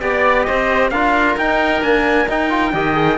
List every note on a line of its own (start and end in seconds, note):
0.00 0.47 B3
0.00 0.91 G4
0.00 0.43 D5
0.00 0.46 D5
0.43 0.91 C5
0.43 0.88 D#5
0.49 0.91 C4
0.90 1.36 D4
0.90 1.39 F4
0.90 2.73 A#4
0.90 1.35 F5
1.37 1.82 D#4
1.37 1.83 D#4
1.37 1.83 G5
1.82 2.27 A#3
1.82 2.27 D4
1.82 2.28 G#5
2.27 2.50 D#4
2.27 2.73 D#4
2.27 3.18 G5
2.50 2.72 F4
2.73 3.18 D#3
2.73 2.94 G4
2.73 3.18 D#5
2.94 3.17 G#4